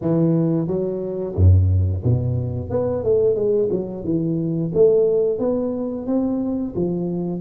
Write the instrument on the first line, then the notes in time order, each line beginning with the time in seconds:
tuba
0.01 E3
0.67 F#3
1.35 F#2
2.03 B2
2.70 B3
3.03 A3
3.35 G#3
3.70 F#3
4.04 E3
4.74 A3
5.38 B3
6.06 C4
6.75 F3